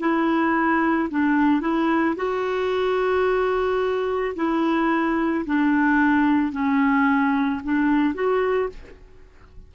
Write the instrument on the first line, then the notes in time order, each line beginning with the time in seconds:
clarinet
0.00 E4
1.11 D4
1.61 E4
2.17 F#4
4.36 E4
5.46 D4
6.53 C#4
7.64 D4
8.15 F#4